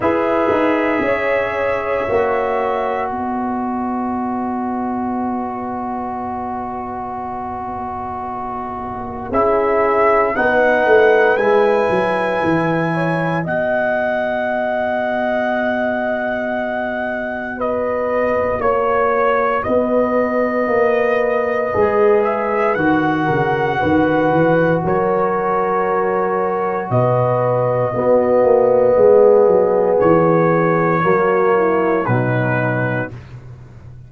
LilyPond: <<
  \new Staff \with { instrumentName = "trumpet" } { \time 4/4 \tempo 4 = 58 e''2. dis''4~ | dis''1~ | dis''4 e''4 fis''4 gis''4~ | gis''4 fis''2.~ |
fis''4 dis''4 cis''4 dis''4~ | dis''4. e''8 fis''2 | cis''2 dis''2~ | dis''4 cis''2 b'4 | }
  \new Staff \with { instrumentName = "horn" } { \time 4/4 b'4 cis''2 b'4~ | b'1~ | b'4 gis'4 b'2~ | b'8 cis''8 dis''2.~ |
dis''4 b'4 cis''4 b'4~ | b'2~ b'8 ais'8 b'4 | ais'2 b'4 fis'4 | gis'2 fis'8 e'8 dis'4 | }
  \new Staff \with { instrumentName = "trombone" } { \time 4/4 gis'2 fis'2~ | fis'1~ | fis'4 e'4 dis'4 e'4~ | e'4 fis'2.~ |
fis'1~ | fis'4 gis'4 fis'2~ | fis'2. b4~ | b2 ais4 fis4 | }
  \new Staff \with { instrumentName = "tuba" } { \time 4/4 e'8 dis'8 cis'4 ais4 b4~ | b1~ | b4 cis'4 b8 a8 gis8 fis8 | e4 b2.~ |
b2 ais4 b4 | ais4 gis4 dis8 cis8 dis8 e8 | fis2 b,4 b8 ais8 | gis8 fis8 e4 fis4 b,4 | }
>>